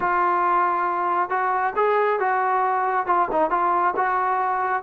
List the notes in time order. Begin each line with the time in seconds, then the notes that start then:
0.00 F4
1.29 F#4
1.76 G#4
2.19 F#4
3.06 F4
3.31 D#4
3.50 F4
3.96 F#4